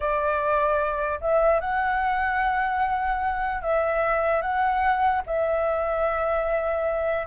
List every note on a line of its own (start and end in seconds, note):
0.00 1.19 D5
1.20 1.60 E5
1.60 3.61 F#5
3.61 4.41 E5
4.41 5.22 F#5
5.26 7.26 E5